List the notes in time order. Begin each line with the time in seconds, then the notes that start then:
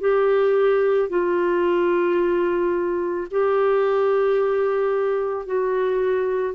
0.00 G4
1.09 F4
3.30 G4
5.45 F#4